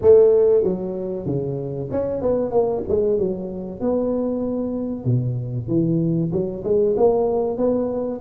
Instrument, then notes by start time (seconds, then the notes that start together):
tuba
0.01 A3
0.63 F#3
1.26 C#3
1.91 C#4
2.21 B3
2.51 A#3
2.88 G#3
3.18 F#3
3.80 B3
5.04 B2
5.68 E3
6.32 F#3
6.63 G#3
6.96 A#3
7.57 B3